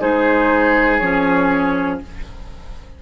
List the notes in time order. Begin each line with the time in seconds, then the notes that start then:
0.00 G#3 D#4 G#4 C5
0.98 F3 C#4 C#5